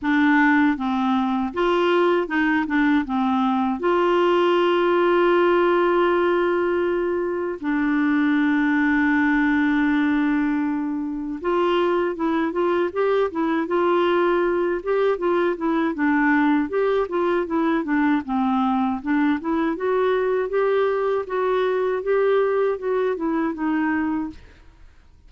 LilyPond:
\new Staff \with { instrumentName = "clarinet" } { \time 4/4 \tempo 4 = 79 d'4 c'4 f'4 dis'8 d'8 | c'4 f'2.~ | f'2 d'2~ | d'2. f'4 |
e'8 f'8 g'8 e'8 f'4. g'8 | f'8 e'8 d'4 g'8 f'8 e'8 d'8 | c'4 d'8 e'8 fis'4 g'4 | fis'4 g'4 fis'8 e'8 dis'4 | }